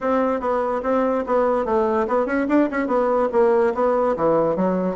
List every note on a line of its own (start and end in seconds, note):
0.00 0.40 C4
0.40 0.81 B3
0.83 1.24 C4
1.26 1.65 B3
1.65 2.06 A3
2.07 2.26 B3
2.26 2.46 C#4
2.48 2.69 D4
2.70 2.87 C#4
2.87 3.28 B3
3.32 3.73 A#3
3.74 4.15 B3
4.16 4.56 E3
4.56 4.95 F#3